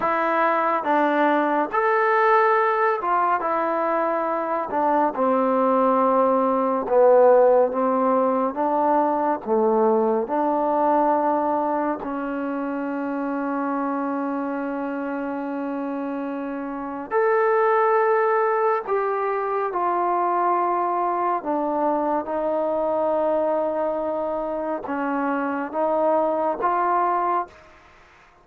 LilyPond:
\new Staff \with { instrumentName = "trombone" } { \time 4/4 \tempo 4 = 70 e'4 d'4 a'4. f'8 | e'4. d'8 c'2 | b4 c'4 d'4 a4 | d'2 cis'2~ |
cis'1 | a'2 g'4 f'4~ | f'4 d'4 dis'2~ | dis'4 cis'4 dis'4 f'4 | }